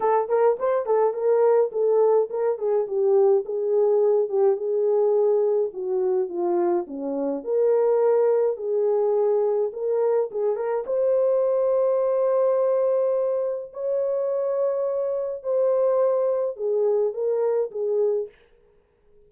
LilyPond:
\new Staff \with { instrumentName = "horn" } { \time 4/4 \tempo 4 = 105 a'8 ais'8 c''8 a'8 ais'4 a'4 | ais'8 gis'8 g'4 gis'4. g'8 | gis'2 fis'4 f'4 | cis'4 ais'2 gis'4~ |
gis'4 ais'4 gis'8 ais'8 c''4~ | c''1 | cis''2. c''4~ | c''4 gis'4 ais'4 gis'4 | }